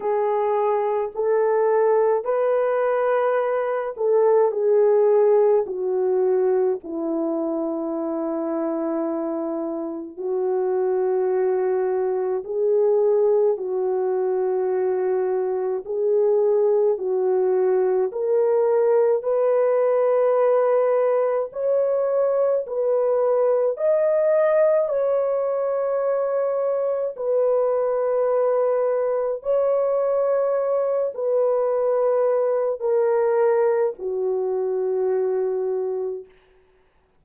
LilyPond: \new Staff \with { instrumentName = "horn" } { \time 4/4 \tempo 4 = 53 gis'4 a'4 b'4. a'8 | gis'4 fis'4 e'2~ | e'4 fis'2 gis'4 | fis'2 gis'4 fis'4 |
ais'4 b'2 cis''4 | b'4 dis''4 cis''2 | b'2 cis''4. b'8~ | b'4 ais'4 fis'2 | }